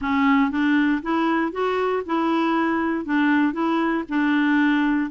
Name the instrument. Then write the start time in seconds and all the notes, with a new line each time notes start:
clarinet
0.01 C#4
0.50 D4
1.02 E4
1.52 F#4
2.06 E4
3.05 D4
3.52 E4
4.08 D4